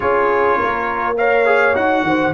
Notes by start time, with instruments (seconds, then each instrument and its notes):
0.00 tuba C#4, trombone F4, horn G#4, trumpet C#5
0.58 tuba A#3, horn A#4
1.17 trombone A#4, horn C#5, trumpet F5
1.45 trombone G#4
1.74 tuba D#4, trombone F#4, trumpet F#5
2.02 tuba D#3, horn C5